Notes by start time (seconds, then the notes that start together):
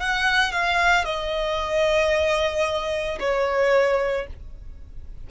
0.00 F#5
0.52 F5
1.04 D#5
3.19 C#5